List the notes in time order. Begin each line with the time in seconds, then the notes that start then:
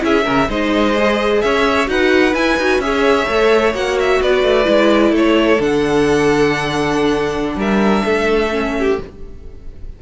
0.00 C#4 E4 G#4 E5
0.23 C#3 C#4 A#4
0.48 G#3 D#4 C5 D#5
0.95 G#4
1.41 C#4 C#5 E5
1.86 D#4 F#4 B4 F#5
2.34 E4 G#5
2.57 D#4 F#4
2.78 C#4 G#4 C#5 E5
3.27 A3 A4
3.74 A#3 F#4 F#5
3.99 E5
4.21 B3 B4 D5
4.43 A3
4.64 G#3 E4
5.11 A3 A4 C#5
5.59 D3 D4 F#5
7.56 G3 A#4 E5
8.05 A3 A4
8.51 C#4
8.79 G4